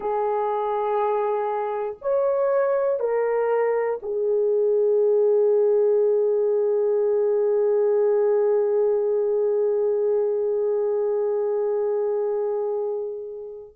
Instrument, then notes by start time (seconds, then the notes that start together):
horn
0.00 G#4
2.01 C#5
2.99 A#4
4.02 G#4